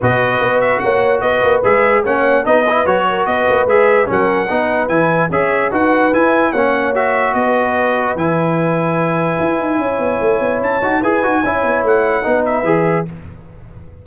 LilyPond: <<
  \new Staff \with { instrumentName = "trumpet" } { \time 4/4 \tempo 4 = 147 dis''4. e''8 fis''4 dis''4 | e''4 fis''4 dis''4 cis''4 | dis''4 e''4 fis''2 | gis''4 e''4 fis''4 gis''4 |
fis''4 e''4 dis''2 | gis''1~ | gis''2 a''4 gis''4~ | gis''4 fis''4. e''4. | }
  \new Staff \with { instrumentName = "horn" } { \time 4/4 b'2 cis''4 b'4~ | b'4 cis''4 b'4. ais'8 | b'2 ais'4 b'4~ | b'4 cis''4 b'2 |
cis''2 b'2~ | b'1 | cis''2. b'4 | cis''2 b'2 | }
  \new Staff \with { instrumentName = "trombone" } { \time 4/4 fis'1 | gis'4 cis'4 dis'8 e'8 fis'4~ | fis'4 gis'4 cis'4 dis'4 | e'4 gis'4 fis'4 e'4 |
cis'4 fis'2. | e'1~ | e'2~ e'8 fis'8 gis'8 fis'8 | e'2 dis'4 gis'4 | }
  \new Staff \with { instrumentName = "tuba" } { \time 4/4 b,4 b4 ais4 b8 ais8 | gis4 ais4 b4 fis4 | b8 ais8 gis4 fis4 b4 | e4 cis'4 dis'4 e'4 |
ais2 b2 | e2. e'8 dis'8 | cis'8 b8 a8 b8 cis'8 dis'8 e'8 dis'8 | cis'8 b8 a4 b4 e4 | }
>>